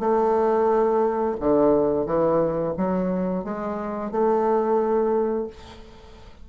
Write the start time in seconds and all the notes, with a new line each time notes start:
0.00 A3
1.40 D3
2.06 E3
2.77 F#3
3.44 G#3
4.11 A3